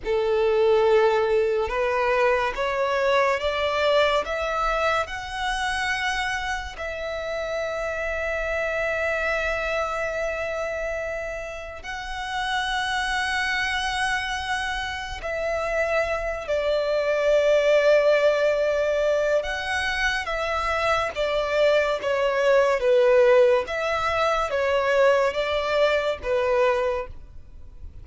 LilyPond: \new Staff \with { instrumentName = "violin" } { \time 4/4 \tempo 4 = 71 a'2 b'4 cis''4 | d''4 e''4 fis''2 | e''1~ | e''2 fis''2~ |
fis''2 e''4. d''8~ | d''2. fis''4 | e''4 d''4 cis''4 b'4 | e''4 cis''4 d''4 b'4 | }